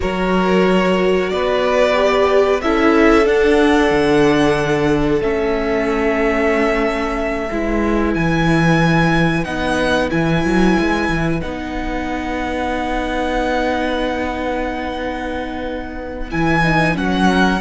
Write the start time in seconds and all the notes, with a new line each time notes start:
0.00 F#3 F#4 A#4 C#5
1.30 B3 B4 D5
1.93 G4
2.61 C#4 E4 A4 E5
3.24 D4 F#5
3.90 D3
5.20 A3 C#4 E5
7.51 G#3 E4 B4
8.13 E3 G#5
9.44 B3 D#4 F#5
10.09 E3 E4 G#5
10.44 F#3
10.79 G#3
11.08 E3
11.40 B3 D#4 F#5
16.30 E3 E4 G#5
16.63 D#4
16.94 F#3 C#4 F#5
17.29 A#4